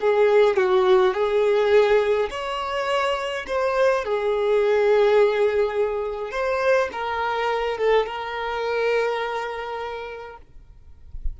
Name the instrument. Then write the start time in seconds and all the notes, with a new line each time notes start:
violin
0.00 G#4
0.56 F#4
1.14 G#4
2.30 C#5
3.47 C5
4.04 G#4
6.31 C5
6.92 A#4
7.77 A4
8.06 A#4